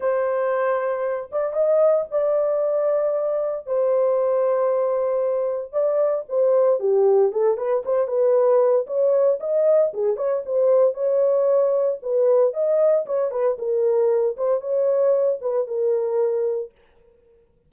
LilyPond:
\new Staff \with { instrumentName = "horn" } { \time 4/4 \tempo 4 = 115 c''2~ c''8 d''8 dis''4 | d''2. c''4~ | c''2. d''4 | c''4 g'4 a'8 b'8 c''8 b'8~ |
b'4 cis''4 dis''4 gis'8 cis''8 | c''4 cis''2 b'4 | dis''4 cis''8 b'8 ais'4. c''8 | cis''4. b'8 ais'2 | }